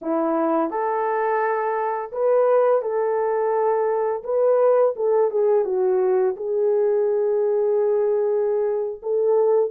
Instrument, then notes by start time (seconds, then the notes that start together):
horn
0.01 E4
0.70 A4
2.12 B4
2.82 A4
4.24 B4
4.95 A4
5.30 G#4
5.65 F#4
6.36 G#4
9.02 A4